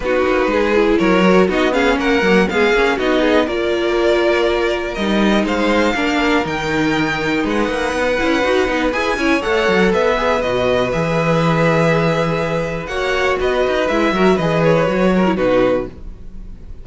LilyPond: <<
  \new Staff \with { instrumentName = "violin" } { \time 4/4 \tempo 4 = 121 b'2 cis''4 dis''8 f''8 | fis''4 f''4 dis''4 d''4~ | d''2 dis''4 f''4~ | f''4 g''2 fis''4~ |
fis''2 gis''4 fis''4 | e''4 dis''4 e''2~ | e''2 fis''4 dis''4 | e''4 dis''8 cis''4. b'4 | }
  \new Staff \with { instrumentName = "violin" } { \time 4/4 fis'4 gis'4 ais'4 fis'8 gis'8 | ais'4 gis'4 fis'8 gis'8 ais'4~ | ais'2. c''4 | ais'2. b'4~ |
b'2~ b'8 cis''4. | b'1~ | b'2 cis''4 b'4~ | b'8 ais'8 b'4. ais'8 fis'4 | }
  \new Staff \with { instrumentName = "viola" } { \time 4/4 dis'4. e'4 fis'8 dis'8 cis'8~ | cis'8 ais8 b8 cis'8 dis'4 f'4~ | f'2 dis'2 | d'4 dis'2.~ |
dis'8 e'8 fis'8 dis'8 gis'8 e'8 a'4~ | a'8 gis'8 fis'4 gis'2~ | gis'2 fis'2 | e'8 fis'8 gis'4 fis'8. e'16 dis'4 | }
  \new Staff \with { instrumentName = "cello" } { \time 4/4 b8 ais8 gis4 fis4 b4 | ais8 fis8 gis8 ais8 b4 ais4~ | ais2 g4 gis4 | ais4 dis2 gis8 ais8 |
b8 cis'8 dis'8 b8 e'8 cis'8 a8 fis8 | b4 b,4 e2~ | e2 ais4 b8 dis'8 | gis8 fis8 e4 fis4 b,4 | }
>>